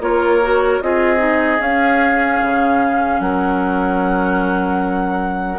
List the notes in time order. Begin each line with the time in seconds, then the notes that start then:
0.00 A#3 F4 A#4 C#5
0.42 F#4
0.82 C4 F4 G#4 D#5
1.17 D#4
1.60 C#4 F5
2.42 C#3
3.19 F#3 A#4 F#5